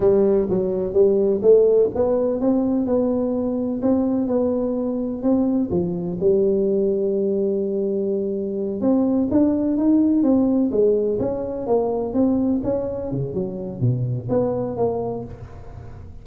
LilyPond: \new Staff \with { instrumentName = "tuba" } { \time 4/4 \tempo 4 = 126 g4 fis4 g4 a4 | b4 c'4 b2 | c'4 b2 c'4 | f4 g2.~ |
g2~ g8 c'4 d'8~ | d'8 dis'4 c'4 gis4 cis'8~ | cis'8 ais4 c'4 cis'4 cis8 | fis4 b,4 b4 ais4 | }